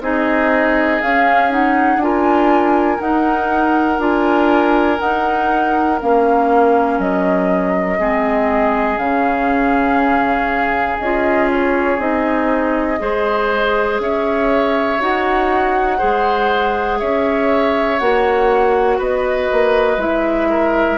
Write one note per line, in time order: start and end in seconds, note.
0.00 1.00 C4
0.00 1.01 D#4
0.00 2.02 G#4
0.00 1.01 D#5
1.01 1.49 C#4
1.01 1.96 C#4
1.01 1.51 F5
1.49 1.99 D#4
1.49 2.01 F#5
1.96 2.96 D4
1.96 2.98 F4
1.96 3.00 G#5
2.03 7.99 A#4
2.98 3.98 D#4
2.98 4.00 F#5
3.98 4.98 D4
3.98 4.97 F4
3.98 4.99 G#5
4.97 5.97 D#4
4.97 6.00 D#4
4.97 5.99 F#5
6.01 6.99 A#3
6.01 7.98 C#4
6.01 7.00 F5
6.99 7.99 F#3
6.99 8.97 D#5
7.98 8.97 G#3
7.98 8.97 C4
7.98 12.99 G#4
8.97 10.97 C#3
8.97 10.97 C#4
8.97 10.97 F5
10.99 11.98 C#4
10.99 11.98 F4
10.99 11.49 D#5
11.51 11.99 C#5
11.98 12.98 C4
11.98 12.98 D#4
11.98 13.99 D#5
12.98 13.99 G#3
12.98 14.98 G#4
12.98 14.01 C5
13.99 14.99 C#4
13.99 15.97 C#5
13.99 15.01 E5
15.00 16.00 D#4
15.00 15.98 F#4
15.00 16.99 F#5
15.97 17.01 G#3
15.97 17.98 G#4
15.97 16.98 C5
16.99 18.00 C#4
16.99 18.98 C#5
16.99 17.99 E5
17.99 18.99 A#3
17.99 19.99 F#4
17.99 18.99 F#5
18.98 19.49 B3
18.98 20.48 B4
18.98 20.00 D#5
19.52 19.97 A#3
19.97 20.97 G#3
19.97 20.98 E4
19.97 20.98 E5
20.49 20.98 A#4